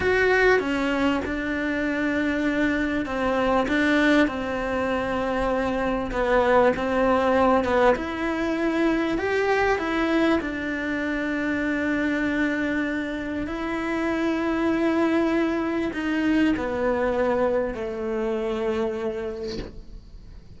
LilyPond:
\new Staff \with { instrumentName = "cello" } { \time 4/4 \tempo 4 = 98 fis'4 cis'4 d'2~ | d'4 c'4 d'4 c'4~ | c'2 b4 c'4~ | c'8 b8 e'2 g'4 |
e'4 d'2.~ | d'2 e'2~ | e'2 dis'4 b4~ | b4 a2. | }